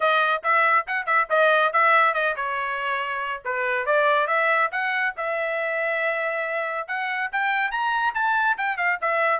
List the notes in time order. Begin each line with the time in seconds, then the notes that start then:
0.00 D#5
0.43 E5
0.87 F#5
1.06 E5
1.29 D#5
1.73 E5
2.14 D#5
2.36 C#5
3.44 B4
3.86 D5
4.27 E5
4.71 F#5
5.16 E5
6.87 F#5
7.31 G5
7.71 A#5
8.14 A5
8.57 G5
8.77 F5
9.01 E5